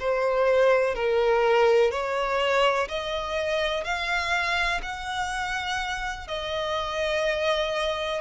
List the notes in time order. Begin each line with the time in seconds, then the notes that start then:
0.00 C5
0.95 A#4
1.92 C#5
2.89 D#5
3.84 F5
4.83 F#5
6.28 D#5